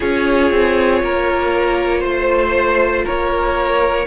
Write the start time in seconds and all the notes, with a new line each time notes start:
0.00 C#4 F4 G#4 C#5
0.50 C4
1.02 A#3 A#4
1.99 A3 C5
3.04 A#3 A#4 C#5